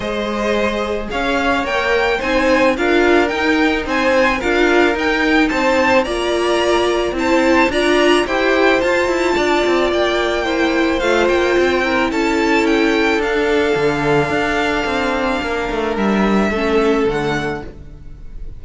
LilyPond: <<
  \new Staff \with { instrumentName = "violin" } { \time 4/4 \tempo 4 = 109 dis''2 f''4 g''4 | gis''4 f''4 g''4 gis''4 | f''4 g''4 a''4 ais''4~ | ais''4 a''4 ais''4 g''4 |
a''2 g''2 | f''8 g''4. a''4 g''4 | f''1~ | f''4 e''2 fis''4 | }
  \new Staff \with { instrumentName = "violin" } { \time 4/4 c''2 cis''2 | c''4 ais'2 c''4 | ais'2 c''4 d''4~ | d''4 c''4 d''4 c''4~ |
c''4 d''2 c''4~ | c''4. ais'8 a'2~ | a'1 | ais'2 a'2 | }
  \new Staff \with { instrumentName = "viola" } { \time 4/4 gis'2. ais'4 | dis'4 f'4 dis'2 | f'4 dis'2 f'4~ | f'4 e'4 f'4 g'4 |
f'2. e'4 | f'4. e'2~ e'8 | d'1~ | d'2 cis'4 a4 | }
  \new Staff \with { instrumentName = "cello" } { \time 4/4 gis2 cis'4 ais4 | c'4 d'4 dis'4 c'4 | d'4 dis'4 c'4 ais4~ | ais4 c'4 d'4 e'4 |
f'8 e'8 d'8 c'8 ais2 | a8 ais8 c'4 cis'2 | d'4 d4 d'4 c'4 | ais8 a8 g4 a4 d4 | }
>>